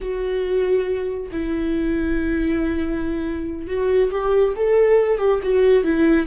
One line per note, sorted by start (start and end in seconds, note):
0.00 1.30 F#4
1.31 3.67 E4
3.67 4.10 F#4
4.10 4.54 G4
4.56 5.18 A4
5.18 5.39 G4
5.43 5.83 F#4
5.83 6.26 E4